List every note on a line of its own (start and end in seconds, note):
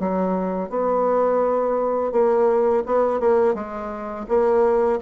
0.00 0.70 F#3
0.70 2.12 B3
2.12 2.83 A#3
2.86 3.20 B3
3.20 3.55 A#3
3.55 4.26 G#3
4.29 5.00 A#3